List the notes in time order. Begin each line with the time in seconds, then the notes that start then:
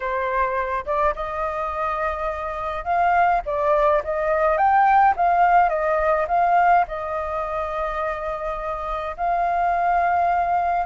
0.00 C5
0.85 D5
1.15 D#5
2.84 F5
3.45 D5
4.03 D#5
4.57 G5
5.16 F5
5.69 D#5
6.28 F5
6.87 D#5
9.16 F5